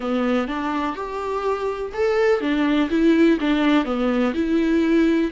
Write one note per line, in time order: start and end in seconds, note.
0.00 0.47 B3
0.47 0.95 D4
0.95 1.92 G4
1.93 2.40 A4
2.40 2.89 D4
2.90 3.38 E4
3.40 3.85 D4
3.85 4.33 B3
4.34 5.30 E4